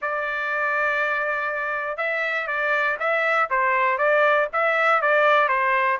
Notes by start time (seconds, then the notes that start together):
0.01 D5
1.97 E5
2.47 D5
2.99 E5
3.50 C5
3.98 D5
4.52 E5
5.01 D5
5.48 C5